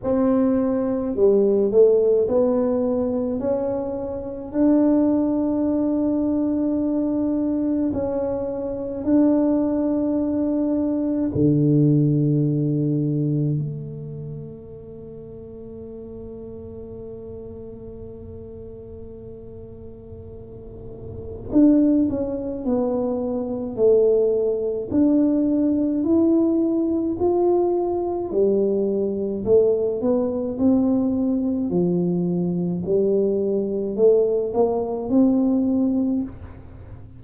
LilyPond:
\new Staff \with { instrumentName = "tuba" } { \time 4/4 \tempo 4 = 53 c'4 g8 a8 b4 cis'4 | d'2. cis'4 | d'2 d2 | a1~ |
a2. d'8 cis'8 | b4 a4 d'4 e'4 | f'4 g4 a8 b8 c'4 | f4 g4 a8 ais8 c'4 | }